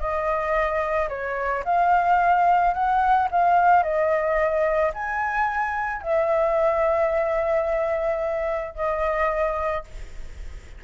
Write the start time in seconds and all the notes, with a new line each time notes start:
0.00 D#5
1.09 C#5
1.65 F5
2.74 F#5
3.31 F5
3.83 D#5
4.94 G#5
6.02 E5
8.75 D#5